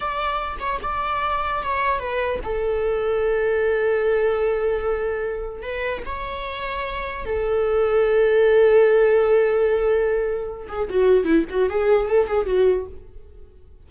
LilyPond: \new Staff \with { instrumentName = "viola" } { \time 4/4 \tempo 4 = 149 d''4. cis''8 d''2 | cis''4 b'4 a'2~ | a'1~ | a'2 b'4 cis''4~ |
cis''2 a'2~ | a'1~ | a'2~ a'8 gis'8 fis'4 | e'8 fis'8 gis'4 a'8 gis'8 fis'4 | }